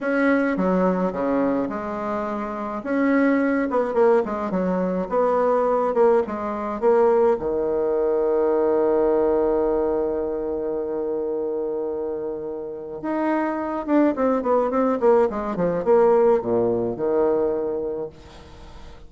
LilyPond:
\new Staff \with { instrumentName = "bassoon" } { \time 4/4 \tempo 4 = 106 cis'4 fis4 cis4 gis4~ | gis4 cis'4. b8 ais8 gis8 | fis4 b4. ais8 gis4 | ais4 dis2.~ |
dis1~ | dis2. dis'4~ | dis'8 d'8 c'8 b8 c'8 ais8 gis8 f8 | ais4 ais,4 dis2 | }